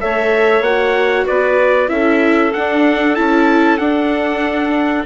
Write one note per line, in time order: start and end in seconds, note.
0.00 0.60 A3
0.00 0.64 A4
0.00 1.26 C#5
0.00 0.63 E5
0.60 1.24 A#3
0.60 1.87 F#4
0.60 1.26 F#5
1.26 1.89 B3
1.26 1.89 B4
1.26 1.89 D5
1.87 2.52 C#4
1.87 2.51 E4
1.87 5.06 A4
1.87 2.52 E5
2.53 3.16 D4
2.53 3.18 D4
2.53 3.15 F#5
3.15 3.79 C#4
3.15 3.79 E4
3.15 3.78 A5
3.78 5.05 D4
3.78 5.06 D4
3.78 5.04 F#5